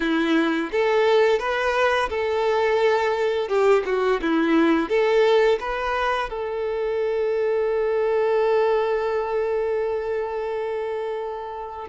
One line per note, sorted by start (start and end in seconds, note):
0.00 0.70 E4
0.71 1.39 A4
1.39 2.09 B4
2.09 3.48 A4
3.48 3.83 G4
3.85 4.20 F#4
4.21 4.89 E4
4.89 5.58 A4
5.60 6.29 B4
6.29 11.87 A4